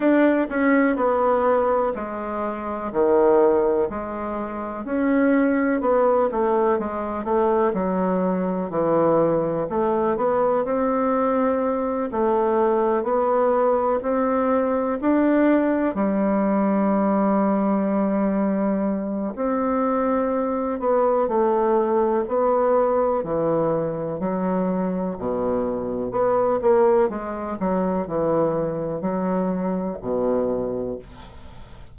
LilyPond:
\new Staff \with { instrumentName = "bassoon" } { \time 4/4 \tempo 4 = 62 d'8 cis'8 b4 gis4 dis4 | gis4 cis'4 b8 a8 gis8 a8 | fis4 e4 a8 b8 c'4~ | c'8 a4 b4 c'4 d'8~ |
d'8 g2.~ g8 | c'4. b8 a4 b4 | e4 fis4 b,4 b8 ais8 | gis8 fis8 e4 fis4 b,4 | }